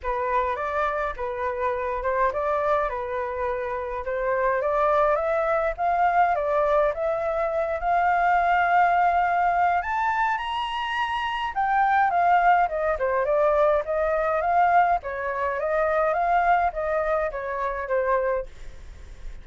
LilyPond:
\new Staff \with { instrumentName = "flute" } { \time 4/4 \tempo 4 = 104 b'4 d''4 b'4. c''8 | d''4 b'2 c''4 | d''4 e''4 f''4 d''4 | e''4. f''2~ f''8~ |
f''4 a''4 ais''2 | g''4 f''4 dis''8 c''8 d''4 | dis''4 f''4 cis''4 dis''4 | f''4 dis''4 cis''4 c''4 | }